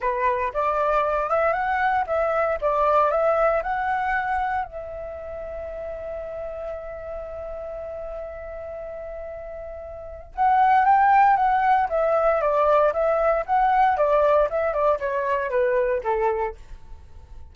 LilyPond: \new Staff \with { instrumentName = "flute" } { \time 4/4 \tempo 4 = 116 b'4 d''4. e''8 fis''4 | e''4 d''4 e''4 fis''4~ | fis''4 e''2.~ | e''1~ |
e''1 | fis''4 g''4 fis''4 e''4 | d''4 e''4 fis''4 d''4 | e''8 d''8 cis''4 b'4 a'4 | }